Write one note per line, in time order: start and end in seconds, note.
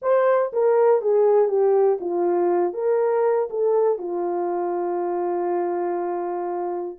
0.01 0.51 C5
0.52 1.01 A#4
1.01 1.48 G#4
1.48 1.98 G4
2.00 2.73 F4
2.73 3.48 A#4
3.50 3.98 A4
3.98 6.98 F4